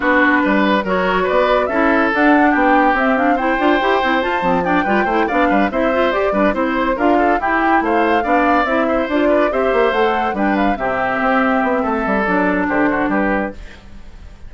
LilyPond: <<
  \new Staff \with { instrumentName = "flute" } { \time 4/4 \tempo 4 = 142 b'2 cis''4 d''4 | e''4 fis''4 g''4 e''8 f''8 | g''2 a''4 g''4~ | g''8 f''4 e''4 d''4 c''8~ |
c''8 f''4 g''4 f''4.~ | f''8 e''4 d''4 e''4 fis''8~ | fis''8 g''8 f''8 e''2~ e''8~ | e''4 d''4 c''4 b'4 | }
  \new Staff \with { instrumentName = "oboe" } { \time 4/4 fis'4 b'4 ais'4 b'4 | a'2 g'2 | c''2. d''8 b'8 | c''8 d''8 b'8 c''4. b'8 c''8~ |
c''8 ais'8 a'8 g'4 c''4 d''8~ | d''4 c''4 b'8 c''4.~ | c''8 b'4 g'2~ g'8 | a'2 g'8 fis'8 g'4 | }
  \new Staff \with { instrumentName = "clarinet" } { \time 4/4 d'2 fis'2 | e'4 d'2 c'8 d'8 | e'8 f'8 g'8 e'8 f'8 c'8 d'8 f'8 | e'8 d'4 e'8 f'8 g'8 d'8 e'8~ |
e'8 f'4 e'2 d'8~ | d'8 e'4 f'4 g'4 a'8~ | a'8 d'4 c'2~ c'8~ | c'4 d'2. | }
  \new Staff \with { instrumentName = "bassoon" } { \time 4/4 b4 g4 fis4 b4 | cis'4 d'4 b4 c'4~ | c'8 d'8 e'8 c'8 f'8 f4 g8 | a8 b8 g8 c'4 g'8 g8 c'8~ |
c'8 d'4 e'4 a4 b8~ | b8 c'4 d'4 c'8 ais8 a8~ | a8 g4 c4 c'4 b8 | a8 g8 fis4 d4 g4 | }
>>